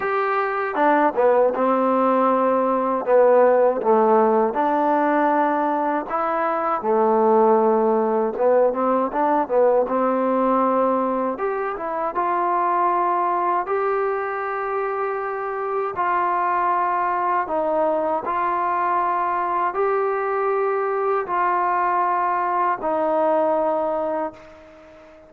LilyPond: \new Staff \with { instrumentName = "trombone" } { \time 4/4 \tempo 4 = 79 g'4 d'8 b8 c'2 | b4 a4 d'2 | e'4 a2 b8 c'8 | d'8 b8 c'2 g'8 e'8 |
f'2 g'2~ | g'4 f'2 dis'4 | f'2 g'2 | f'2 dis'2 | }